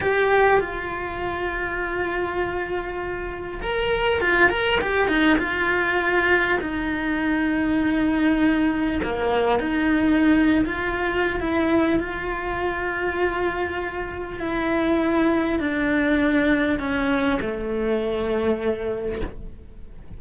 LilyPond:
\new Staff \with { instrumentName = "cello" } { \time 4/4 \tempo 4 = 100 g'4 f'2.~ | f'2 ais'4 f'8 ais'8 | g'8 dis'8 f'2 dis'4~ | dis'2. ais4 |
dis'4.~ dis'16 f'4~ f'16 e'4 | f'1 | e'2 d'2 | cis'4 a2. | }